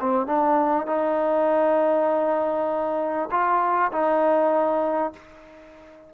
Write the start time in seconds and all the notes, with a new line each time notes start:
0.00 C4
0.26 D4
0.87 D#4
3.31 F4
3.91 D#4